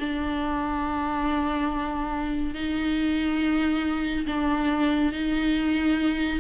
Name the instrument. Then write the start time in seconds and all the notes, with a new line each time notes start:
viola
0.00 D4
2.55 D#4
4.27 D4
5.13 D#4